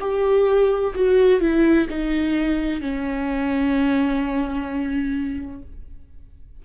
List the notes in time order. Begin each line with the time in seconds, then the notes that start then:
0.00 G4
0.95 F#4
1.41 E4
1.90 D#4
2.81 C#4